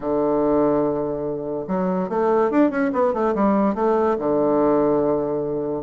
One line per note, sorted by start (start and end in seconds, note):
0.00 1.66 D3
1.67 2.09 F#3
2.09 2.50 A3
2.51 2.70 D4
2.70 2.91 C#4
2.92 3.13 B3
3.13 3.34 A3
3.34 3.75 G3
3.75 4.16 A3
4.19 5.83 D3